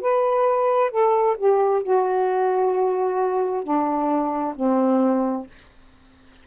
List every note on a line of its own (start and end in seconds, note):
0.00 0.90 B4
0.90 1.36 A4
1.37 1.82 G4
1.82 3.63 F#4
3.63 4.54 D4
4.55 5.46 C4